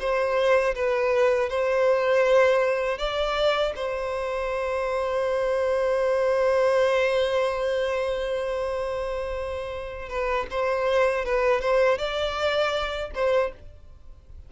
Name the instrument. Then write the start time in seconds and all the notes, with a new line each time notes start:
violin
0.00 C5
0.75 B4
1.50 C5
2.98 D5
3.76 C5
10.09 B4
10.51 C5
11.25 B4
11.61 C5
11.98 D5
13.15 C5